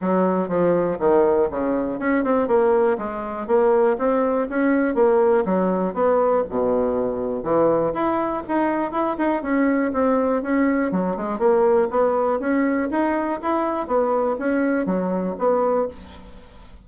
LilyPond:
\new Staff \with { instrumentName = "bassoon" } { \time 4/4 \tempo 4 = 121 fis4 f4 dis4 cis4 | cis'8 c'8 ais4 gis4 ais4 | c'4 cis'4 ais4 fis4 | b4 b,2 e4 |
e'4 dis'4 e'8 dis'8 cis'4 | c'4 cis'4 fis8 gis8 ais4 | b4 cis'4 dis'4 e'4 | b4 cis'4 fis4 b4 | }